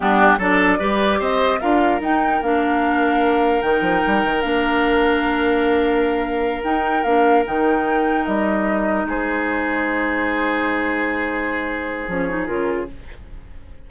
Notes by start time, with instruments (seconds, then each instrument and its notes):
0.00 bassoon G3, clarinet B3, oboe D4, flute G4
0.38 bassoon F#3, clarinet D4, oboe A4, flute D5
0.79 bassoon G3, clarinet G4, oboe B4
1.19 bassoon C4, oboe C5, flute D#5
1.60 bassoon D4, clarinet F4, oboe A#4, flute F5
2.00 bassoon D#4, clarinet D#4, flute G5
2.41 bassoon A#3, clarinet D4, flute F5
3.62 bassoon D#3, clarinet D#4, flute G5
3.81 bassoon F3
4.07 bassoon G3
4.24 bassoon D#3
4.41 bassoon A#3, clarinet D4, flute F5
6.63 clarinet D#4, bassoon D#4, flute G5
7.03 bassoon A#3, clarinet D4, flute F5
7.44 bassoon D#3, clarinet D#4, flute G5
8.25 bassoon G3, flute D#5
9.04 bassoon G#3, oboe G#4, flute C5
12.07 bassoon F3, clarinet C#4, flute C#5
12.29 clarinet D#4
12.46 bassoon C#3, clarinet F4, flute A#4